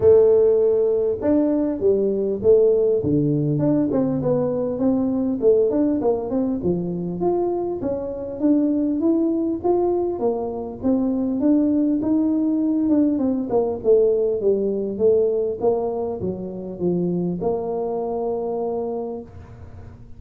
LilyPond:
\new Staff \with { instrumentName = "tuba" } { \time 4/4 \tempo 4 = 100 a2 d'4 g4 | a4 d4 d'8 c'8 b4 | c'4 a8 d'8 ais8 c'8 f4 | f'4 cis'4 d'4 e'4 |
f'4 ais4 c'4 d'4 | dis'4. d'8 c'8 ais8 a4 | g4 a4 ais4 fis4 | f4 ais2. | }